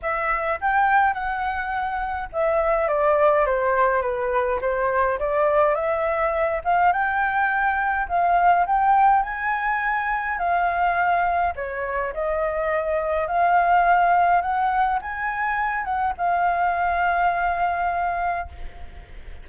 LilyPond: \new Staff \with { instrumentName = "flute" } { \time 4/4 \tempo 4 = 104 e''4 g''4 fis''2 | e''4 d''4 c''4 b'4 | c''4 d''4 e''4. f''8 | g''2 f''4 g''4 |
gis''2 f''2 | cis''4 dis''2 f''4~ | f''4 fis''4 gis''4. fis''8 | f''1 | }